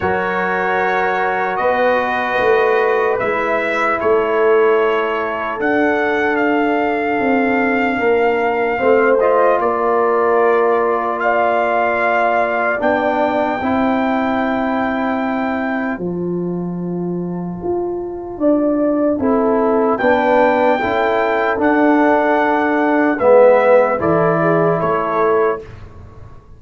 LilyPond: <<
  \new Staff \with { instrumentName = "trumpet" } { \time 4/4 \tempo 4 = 75 cis''2 dis''2 | e''4 cis''2 fis''4 | f''2.~ f''8 dis''8 | d''2 f''2 |
g''1 | a''1~ | a''4 g''2 fis''4~ | fis''4 e''4 d''4 cis''4 | }
  \new Staff \with { instrumentName = "horn" } { \time 4/4 ais'2 b'2~ | b'4 a'2.~ | a'2 ais'4 c''4 | ais'2 d''2~ |
d''4 c''2.~ | c''2. d''4 | a'4 b'4 a'2~ | a'4 b'4 a'8 gis'8 a'4 | }
  \new Staff \with { instrumentName = "trombone" } { \time 4/4 fis'1 | e'2. d'4~ | d'2. c'8 f'8~ | f'1 |
d'4 e'2. | f'1 | e'4 d'4 e'4 d'4~ | d'4 b4 e'2 | }
  \new Staff \with { instrumentName = "tuba" } { \time 4/4 fis2 b4 a4 | gis4 a2 d'4~ | d'4 c'4 ais4 a4 | ais1 |
b4 c'2. | f2 f'4 d'4 | c'4 b4 cis'4 d'4~ | d'4 gis4 e4 a4 | }
>>